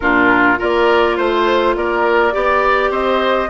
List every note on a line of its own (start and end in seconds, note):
0.00 0.59 A#2
0.00 0.57 D4
0.00 0.58 F4
0.00 0.58 A#4
0.57 1.18 A#3
0.57 2.31 F4
0.57 1.17 A#4
0.57 1.16 D5
1.16 1.75 A3
1.16 1.74 C5
1.16 1.75 C5
1.75 2.33 A#3
1.75 2.34 A#4
1.75 2.92 D5
2.31 2.90 B3
2.31 3.48 G4
2.31 2.91 D5
2.90 3.48 C4
2.90 3.49 C5
2.90 3.50 D#5